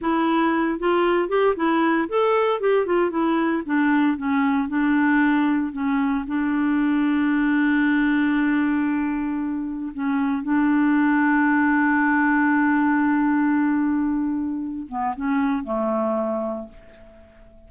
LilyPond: \new Staff \with { instrumentName = "clarinet" } { \time 4/4 \tempo 4 = 115 e'4. f'4 g'8 e'4 | a'4 g'8 f'8 e'4 d'4 | cis'4 d'2 cis'4 | d'1~ |
d'2. cis'4 | d'1~ | d'1~ | d'8 b8 cis'4 a2 | }